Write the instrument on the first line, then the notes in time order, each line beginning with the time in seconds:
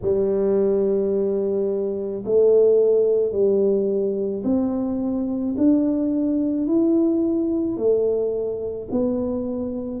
tuba
0.02 G3
2.25 A3
3.32 G3
4.44 C4
5.57 D4
6.66 E4
7.76 A3
8.91 B3